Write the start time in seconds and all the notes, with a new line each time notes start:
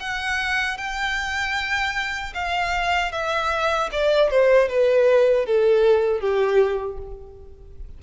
0.00 F#5
0.78 G5
2.34 F5
3.12 E5
3.92 D5
4.31 C5
4.69 B4
5.46 A4
6.21 G4